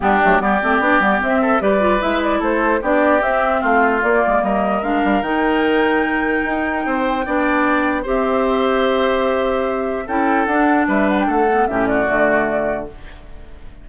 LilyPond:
<<
  \new Staff \with { instrumentName = "flute" } { \time 4/4 \tempo 4 = 149 g'4 d''2 e''4 | d''4 e''8 d''8 c''4 d''4 | e''4 f''4 d''4 dis''4 | f''4 g''2.~ |
g''1 | e''1~ | e''4 g''4 fis''4 e''8 fis''16 g''16 | fis''4 e''8 d''2~ d''8 | }
  \new Staff \with { instrumentName = "oboe" } { \time 4/4 d'4 g'2~ g'8 a'8 | b'2 a'4 g'4~ | g'4 f'2 ais'4~ | ais'1~ |
ais'4 c''4 d''2 | c''1~ | c''4 a'2 b'4 | a'4 g'8 fis'2~ fis'8 | }
  \new Staff \with { instrumentName = "clarinet" } { \time 4/4 b8 a8 b8 c'8 d'8 b8 c'4 | g'8 f'8 e'2 d'4 | c'2 ais2 | d'4 dis'2.~ |
dis'2 d'2 | g'1~ | g'4 e'4 d'2~ | d'8 b8 cis'4 a2 | }
  \new Staff \with { instrumentName = "bassoon" } { \time 4/4 g8 fis8 g8 a8 b8 g8 c'4 | g4 gis4 a4 b4 | c'4 a4 ais8 gis8 g4 | gis8 g8 dis2. |
dis'4 c'4 b2 | c'1~ | c'4 cis'4 d'4 g4 | a4 a,4 d2 | }
>>